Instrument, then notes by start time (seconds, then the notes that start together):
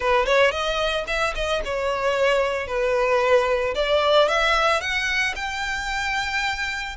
violin
0.00 B4
0.26 C#5
0.51 D#5
1.07 E5
1.35 D#5
1.65 C#5
2.67 B4
3.74 D5
4.28 E5
4.81 F#5
5.35 G5